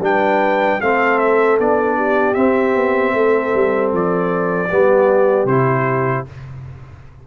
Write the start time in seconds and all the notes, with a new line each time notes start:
0.00 G3 D4 B4 G5
0.80 A3 C4 A4 F5
1.19 E5
1.60 B3 D4 D5
1.97 G4
2.35 C4 E5
2.75 B3
3.14 A3 A4
3.54 G3
3.93 F3 D5
4.70 G3 B3 G4
5.45 C3 E4 C5